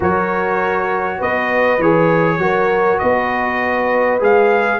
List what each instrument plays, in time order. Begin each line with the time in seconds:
0.00 tuba F#3, trombone F#4, horn A#4, trumpet C#5
1.18 tuba B3, horn B4, trumpet D#5
1.78 tuba E3, trombone G#4, trumpet C#5
2.38 tuba F#3, trombone F#4, horn A#4
2.98 tuba B3, horn B4, trumpet D#5
4.19 tuba G#3, trombone G#4, trumpet F5